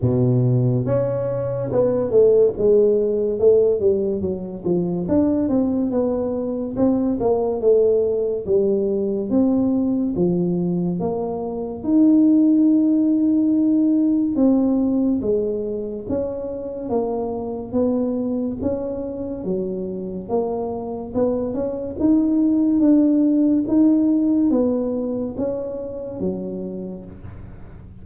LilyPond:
\new Staff \with { instrumentName = "tuba" } { \time 4/4 \tempo 4 = 71 b,4 cis'4 b8 a8 gis4 | a8 g8 fis8 f8 d'8 c'8 b4 | c'8 ais8 a4 g4 c'4 | f4 ais4 dis'2~ |
dis'4 c'4 gis4 cis'4 | ais4 b4 cis'4 fis4 | ais4 b8 cis'8 dis'4 d'4 | dis'4 b4 cis'4 fis4 | }